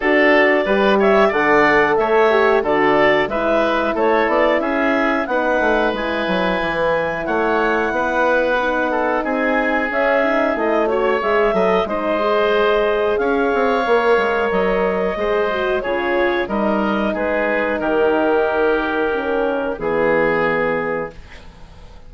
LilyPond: <<
  \new Staff \with { instrumentName = "clarinet" } { \time 4/4 \tempo 4 = 91 d''4. e''8 fis''4 e''4 | d''4 e''4 cis''8 d''8 e''4 | fis''4 gis''2 fis''4~ | fis''2 gis''4 e''4 |
dis''8 cis''8 e''4 dis''2 | f''2 dis''2 | cis''4 dis''4 b'4 ais'4~ | ais'2 gis'2 | }
  \new Staff \with { instrumentName = "oboe" } { \time 4/4 a'4 b'8 cis''8 d''4 cis''4 | a'4 b'4 a'4 gis'4 | b'2. cis''4 | b'4. a'8 gis'2~ |
gis'8 cis''4 dis''8 c''2 | cis''2. c''4 | gis'4 ais'4 gis'4 g'4~ | g'2 gis'2 | }
  \new Staff \with { instrumentName = "horn" } { \time 4/4 fis'4 g'4 a'4. g'8 | fis'4 e'2. | dis'4 e'2.~ | e'4 dis'2 cis'8 dis'8 |
e'8 fis'8 gis'8 a'8 dis'8 gis'4.~ | gis'4 ais'2 gis'8 fis'8 | f'4 dis'2.~ | dis'4 cis'4 b2 | }
  \new Staff \with { instrumentName = "bassoon" } { \time 4/4 d'4 g4 d4 a4 | d4 gis4 a8 b8 cis'4 | b8 a8 gis8 fis8 e4 a4 | b2 c'4 cis'4 |
a4 gis8 fis8 gis2 | cis'8 c'8 ais8 gis8 fis4 gis4 | cis4 g4 gis4 dis4~ | dis2 e2 | }
>>